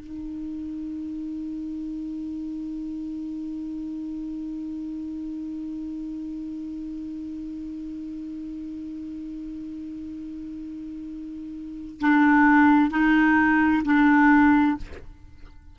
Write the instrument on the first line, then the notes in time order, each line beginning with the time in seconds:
clarinet
0.00 D#4
12.00 D4
12.91 D#4
13.85 D4